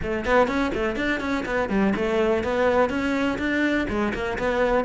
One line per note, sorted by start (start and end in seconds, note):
0.02 0.25 A3
0.25 0.47 B3
0.47 0.71 C#4
0.74 0.96 A3
0.96 1.20 D4
1.20 1.44 C#4
1.45 1.69 B3
1.69 1.93 G3
1.95 2.43 A3
2.43 2.89 B3
2.89 3.38 C#4
3.38 3.86 D4
3.89 4.13 G#3
4.13 4.38 A#3
4.38 4.84 B3